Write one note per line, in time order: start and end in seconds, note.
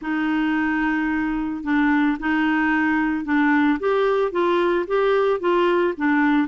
0.01 1.63 D#4
1.63 2.17 D4
2.19 3.24 D#4
3.24 3.78 D4
3.79 4.31 G4
4.31 4.85 F4
4.87 5.40 G4
5.40 5.94 F4
5.97 6.47 D4